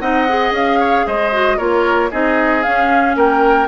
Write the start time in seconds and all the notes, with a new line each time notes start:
0.00 C4 D#4 D#5 F#5
0.29 G#4
0.52 C#4 F5
0.80 C#5
1.07 G#3 C5 D#5
1.33 F#4
1.58 A#3 F4 A#4 C#5
2.11 C4 D#4 G#4 D#5
2.63 C#4 F5
3.16 A#3 A#4 G5